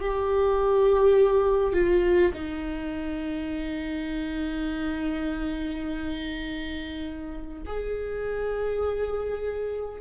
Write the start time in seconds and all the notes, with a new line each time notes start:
0.00 G4
1.73 F4
2.34 D#4
7.66 G#4